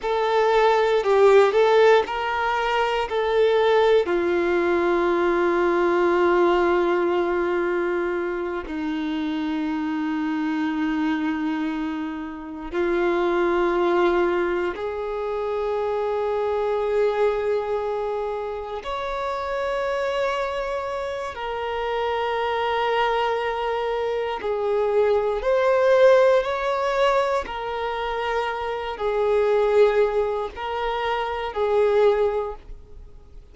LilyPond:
\new Staff \with { instrumentName = "violin" } { \time 4/4 \tempo 4 = 59 a'4 g'8 a'8 ais'4 a'4 | f'1~ | f'8 dis'2.~ dis'8~ | dis'8 f'2 gis'4.~ |
gis'2~ gis'8 cis''4.~ | cis''4 ais'2. | gis'4 c''4 cis''4 ais'4~ | ais'8 gis'4. ais'4 gis'4 | }